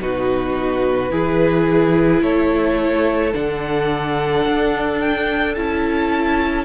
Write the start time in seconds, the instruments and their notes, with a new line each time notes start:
0.00 cello B2, viola D#4, violin F#4 B4
1.11 cello E3, viola E4, violin G#4
2.23 cello A3, violin A4 C#5
3.33 cello D3, viola D4, violin F#5
4.47 cello D4
5.00 violin G5
5.55 cello C#4, viola E4, violin A5